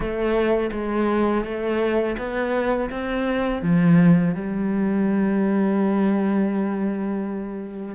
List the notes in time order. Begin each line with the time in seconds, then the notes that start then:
0.00 A3
0.72 G#3
1.44 A3
2.18 B3
2.90 C4
3.61 F3
4.34 G3